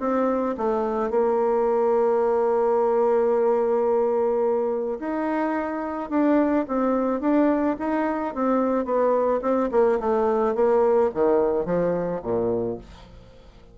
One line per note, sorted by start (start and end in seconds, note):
0.00 0.56 C4
0.58 1.10 A3
1.10 4.99 A#3
4.99 6.10 D#4
6.10 6.65 D4
6.68 7.20 C4
7.20 7.76 D4
7.79 8.35 D#4
8.35 8.85 C4
8.85 9.41 B3
9.42 9.70 C4
9.71 9.99 A#3
10.00 10.55 A3
10.55 11.11 A#3
11.14 11.66 D#3
11.66 12.21 F3
12.22 12.78 A#2